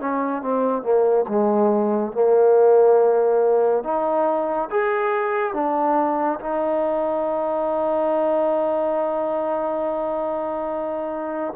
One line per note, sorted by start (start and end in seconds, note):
0.00 0.42 C#4
0.42 0.83 C4
0.83 1.25 A#3
1.28 2.13 G#3
2.13 3.84 A#3
3.84 4.69 D#4
4.71 5.54 G#4
5.54 6.39 D4
6.40 11.54 D#4